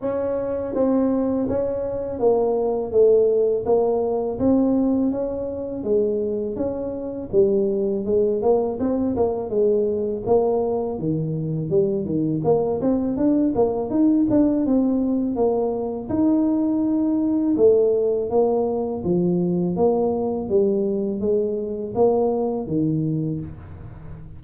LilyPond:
\new Staff \with { instrumentName = "tuba" } { \time 4/4 \tempo 4 = 82 cis'4 c'4 cis'4 ais4 | a4 ais4 c'4 cis'4 | gis4 cis'4 g4 gis8 ais8 | c'8 ais8 gis4 ais4 dis4 |
g8 dis8 ais8 c'8 d'8 ais8 dis'8 d'8 | c'4 ais4 dis'2 | a4 ais4 f4 ais4 | g4 gis4 ais4 dis4 | }